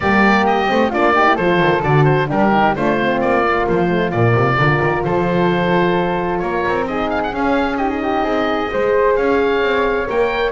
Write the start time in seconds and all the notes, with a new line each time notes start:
0.00 G3 A#3 G4 D5
0.46 D#5
0.67 A3 C4
0.90 A#3 D4 F4 D5
1.14 D#4 G4
1.25 E4
1.35 F3 A4 C5
1.41 F4
1.60 D#3
1.82 D3 F#4 D5
2.04 C5
2.27 G3 D4 G4 A#4
2.52 D#4
2.75 A3 D4 F4 C5
3.00 C4
3.20 A#3 D5
3.46 A#3
3.68 F3 C5
3.88 A3
4.10 A#2 A#3 D5
4.34 C3
4.57 D3 F4 A#4
4.82 D#3
5.04 F3 A4 C5
6.38 A#3 A#4 C#5
6.67 C4
6.87 D#4 G#4 D#5
7.10 F5
7.23 F#5
7.31 C#4 F5
7.77 D#4 G4 D#5
7.89 G#4
8.02 G4
8.23 C4 G#4
8.69 G#3 G#4 C5
9.16 C#4 C#5 F5
9.62 C4
10.06 A#3 A#4 G5